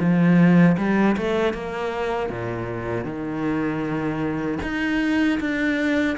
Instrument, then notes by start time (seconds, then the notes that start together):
cello
0.00 F3
0.78 G3
1.17 A3
1.54 A#3
2.30 A#2
3.05 D#3
4.63 D#4
5.41 D4